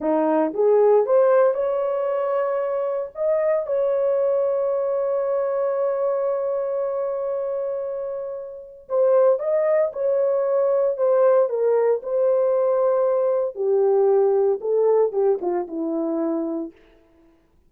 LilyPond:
\new Staff \with { instrumentName = "horn" } { \time 4/4 \tempo 4 = 115 dis'4 gis'4 c''4 cis''4~ | cis''2 dis''4 cis''4~ | cis''1~ | cis''1~ |
cis''4 c''4 dis''4 cis''4~ | cis''4 c''4 ais'4 c''4~ | c''2 g'2 | a'4 g'8 f'8 e'2 | }